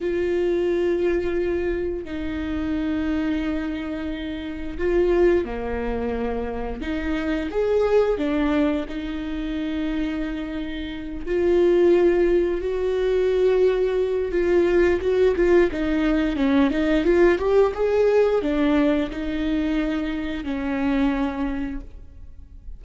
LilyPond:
\new Staff \with { instrumentName = "viola" } { \time 4/4 \tempo 4 = 88 f'2. dis'4~ | dis'2. f'4 | ais2 dis'4 gis'4 | d'4 dis'2.~ |
dis'8 f'2 fis'4.~ | fis'4 f'4 fis'8 f'8 dis'4 | cis'8 dis'8 f'8 g'8 gis'4 d'4 | dis'2 cis'2 | }